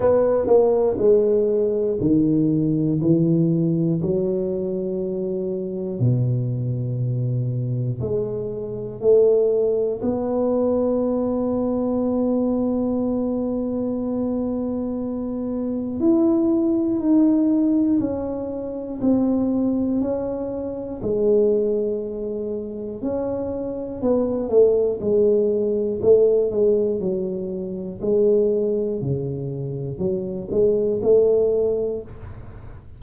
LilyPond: \new Staff \with { instrumentName = "tuba" } { \time 4/4 \tempo 4 = 60 b8 ais8 gis4 dis4 e4 | fis2 b,2 | gis4 a4 b2~ | b1 |
e'4 dis'4 cis'4 c'4 | cis'4 gis2 cis'4 | b8 a8 gis4 a8 gis8 fis4 | gis4 cis4 fis8 gis8 a4 | }